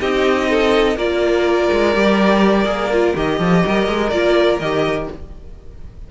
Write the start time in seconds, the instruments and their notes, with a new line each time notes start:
0.00 cello C4, viola D#4, violin G4 D#5
0.49 violin A4
0.96 cello A#3, viola F4, violin A#4 D5
1.72 cello G#3
1.93 cello G3, viola G4
2.65 cello A#3, viola G#4
2.92 viola F4
3.15 cello D#3, viola G4, violin D#5
3.38 cello F3, violin A4
3.65 cello G3, violin A#4
3.87 cello G#3
4.10 cello A#3, viola F4, violin D5
4.59 cello D#3, viola G4, violin D#5